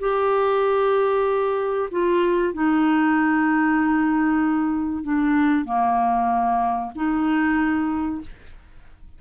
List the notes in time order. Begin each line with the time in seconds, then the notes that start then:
0.00 G4
1.92 F4
2.54 D#4
5.04 D4
5.65 A#3
6.96 D#4